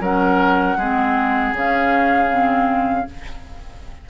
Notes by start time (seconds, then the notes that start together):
0.00 F#3 C#4 A#4 F#5
0.76 G#3 C4 G#4
1.53 C#3 C#4 F5
2.29 C4